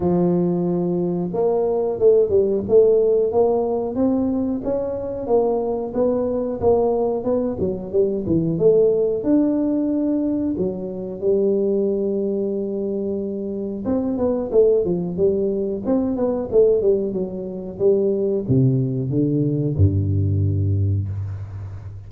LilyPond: \new Staff \with { instrumentName = "tuba" } { \time 4/4 \tempo 4 = 91 f2 ais4 a8 g8 | a4 ais4 c'4 cis'4 | ais4 b4 ais4 b8 fis8 | g8 e8 a4 d'2 |
fis4 g2.~ | g4 c'8 b8 a8 f8 g4 | c'8 b8 a8 g8 fis4 g4 | c4 d4 g,2 | }